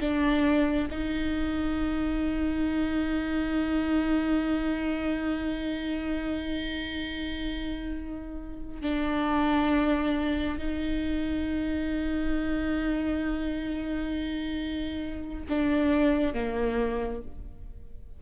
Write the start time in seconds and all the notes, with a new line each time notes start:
0.00 D4
0.90 D#4
8.82 D4
10.58 D#4
15.49 D4
16.33 A#3